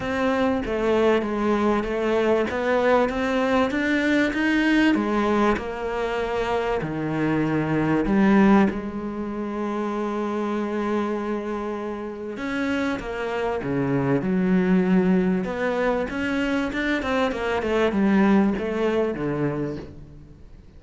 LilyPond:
\new Staff \with { instrumentName = "cello" } { \time 4/4 \tempo 4 = 97 c'4 a4 gis4 a4 | b4 c'4 d'4 dis'4 | gis4 ais2 dis4~ | dis4 g4 gis2~ |
gis1 | cis'4 ais4 cis4 fis4~ | fis4 b4 cis'4 d'8 c'8 | ais8 a8 g4 a4 d4 | }